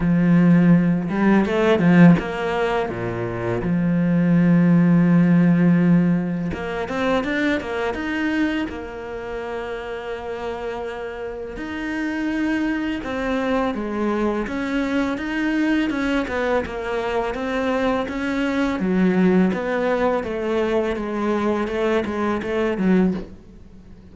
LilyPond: \new Staff \with { instrumentName = "cello" } { \time 4/4 \tempo 4 = 83 f4. g8 a8 f8 ais4 | ais,4 f2.~ | f4 ais8 c'8 d'8 ais8 dis'4 | ais1 |
dis'2 c'4 gis4 | cis'4 dis'4 cis'8 b8 ais4 | c'4 cis'4 fis4 b4 | a4 gis4 a8 gis8 a8 fis8 | }